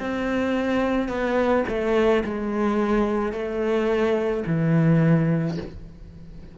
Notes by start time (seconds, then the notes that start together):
0.00 C4
1.09 B3
1.68 A3
2.24 G#3
3.32 A3
4.46 E3